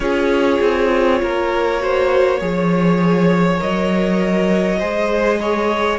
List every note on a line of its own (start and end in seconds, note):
0.00 0.58 C#4
0.00 1.79 F4
0.00 1.21 G#4
0.00 3.60 C#5
0.61 1.21 C4
1.22 2.41 A#3
1.22 1.81 A#4
1.79 2.39 F#4
1.79 2.39 C5
2.39 3.61 F3
2.39 3.58 G#4
2.39 4.79 C#5
3.58 4.81 F#3
3.58 4.78 A#4
3.58 5.99 D#5
4.79 5.99 G#3
4.79 5.99 G#4
4.79 5.38 C5
5.40 5.99 C#5